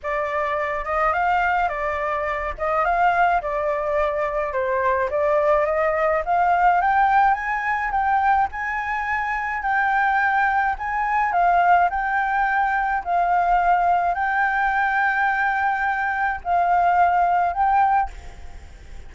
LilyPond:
\new Staff \with { instrumentName = "flute" } { \time 4/4 \tempo 4 = 106 d''4. dis''8 f''4 d''4~ | d''8 dis''8 f''4 d''2 | c''4 d''4 dis''4 f''4 | g''4 gis''4 g''4 gis''4~ |
gis''4 g''2 gis''4 | f''4 g''2 f''4~ | f''4 g''2.~ | g''4 f''2 g''4 | }